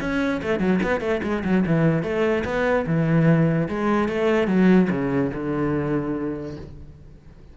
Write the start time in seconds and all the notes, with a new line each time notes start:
0.00 C#4
0.42 A3
0.59 F#3
0.83 B3
1.00 A3
1.23 G#3
1.44 F#3
1.66 E3
2.03 A3
2.45 B3
2.86 E3
3.68 G#3
4.08 A3
4.47 F#3
4.90 C#3
5.34 D3